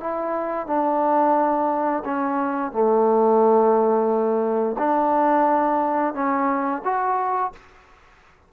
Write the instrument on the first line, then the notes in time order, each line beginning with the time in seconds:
trombone
0.00 E4
0.67 D4
2.05 C#4
2.72 A3
4.78 D4
6.14 C#4
6.84 F#4